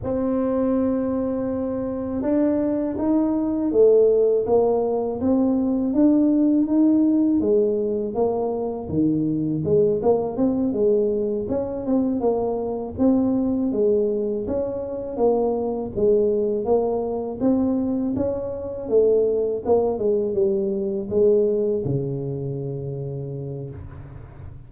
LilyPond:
\new Staff \with { instrumentName = "tuba" } { \time 4/4 \tempo 4 = 81 c'2. d'4 | dis'4 a4 ais4 c'4 | d'4 dis'4 gis4 ais4 | dis4 gis8 ais8 c'8 gis4 cis'8 |
c'8 ais4 c'4 gis4 cis'8~ | cis'8 ais4 gis4 ais4 c'8~ | c'8 cis'4 a4 ais8 gis8 g8~ | g8 gis4 cis2~ cis8 | }